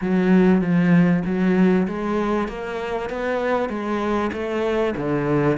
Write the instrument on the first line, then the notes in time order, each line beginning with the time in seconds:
cello
0.01 F#3
0.61 F3
1.25 F#3
1.87 G#3
2.47 A#3
3.09 B3
3.69 G#3
4.32 A3
4.96 D3